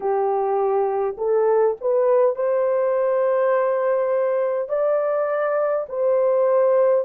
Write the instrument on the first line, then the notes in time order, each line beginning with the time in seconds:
horn
0.00 G4
1.17 A4
1.80 B4
2.35 C5
4.68 D5
5.88 C5